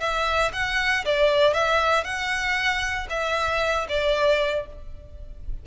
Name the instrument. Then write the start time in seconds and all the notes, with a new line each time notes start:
violin
0.00 E5
0.53 F#5
1.05 D5
1.54 E5
2.04 F#5
3.10 E5
3.89 D5